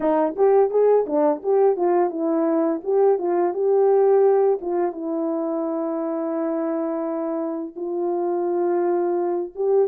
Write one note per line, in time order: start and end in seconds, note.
0.00 0.35 D#4
0.35 0.70 G4
0.70 1.05 G#4
1.06 1.41 D4
1.42 1.76 G4
1.76 2.10 F4
2.10 2.80 E4
2.83 3.18 G4
3.18 3.53 F4
3.53 4.59 G4
4.61 4.92 F4
4.92 7.74 E4
7.76 9.52 F4
9.55 9.88 G4